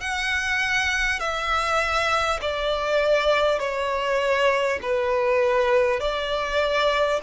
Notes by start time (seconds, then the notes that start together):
0.00 F#5
1.19 E5
2.41 D5
3.59 C#5
4.82 B4
5.99 D5